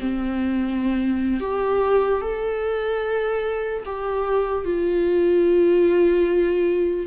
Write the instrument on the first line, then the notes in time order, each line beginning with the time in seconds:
viola
0.00 C4
1.40 G4
2.22 A4
3.86 G4
4.65 F4